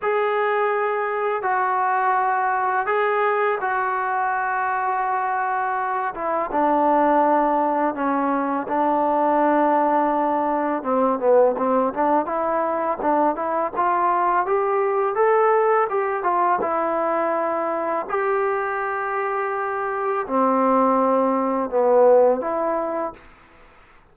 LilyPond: \new Staff \with { instrumentName = "trombone" } { \time 4/4 \tempo 4 = 83 gis'2 fis'2 | gis'4 fis'2.~ | fis'8 e'8 d'2 cis'4 | d'2. c'8 b8 |
c'8 d'8 e'4 d'8 e'8 f'4 | g'4 a'4 g'8 f'8 e'4~ | e'4 g'2. | c'2 b4 e'4 | }